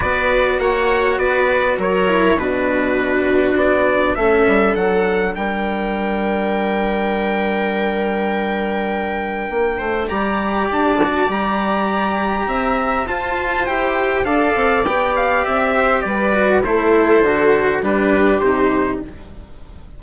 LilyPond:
<<
  \new Staff \with { instrumentName = "trumpet" } { \time 4/4 \tempo 4 = 101 d''4 fis''4 d''4 cis''4 | b'2 d''4 e''4 | fis''4 g''2.~ | g''1~ |
g''4 ais''4 a''4 ais''4~ | ais''2 a''4 g''4 | f''4 g''8 f''8 e''4 d''4 | c''2 b'4 c''4 | }
  \new Staff \with { instrumentName = "viola" } { \time 4/4 b'4 cis''4 b'4 ais'4 | fis'2. a'4~ | a'4 ais'2.~ | ais'1~ |
ais'8 c''8 d''2.~ | d''4 e''4 c''2 | d''2~ d''8 c''8 b'4 | a'2 g'2 | }
  \new Staff \with { instrumentName = "cello" } { \time 4/4 fis'2.~ fis'8 e'8 | d'2. cis'4 | d'1~ | d'1~ |
d'4 g'4. fis'8 g'4~ | g'2 f'4 g'4 | a'4 g'2~ g'8 fis'8 | e'4 fis'4 d'4 dis'4 | }
  \new Staff \with { instrumentName = "bassoon" } { \time 4/4 b4 ais4 b4 fis4 | b,2 b4 a8 g8 | fis4 g2.~ | g1 |
ais8 a8 g4 d'4 g4~ | g4 c'4 f'4 e'4 | d'8 c'8 b4 c'4 g4 | a4 d4 g4 c4 | }
>>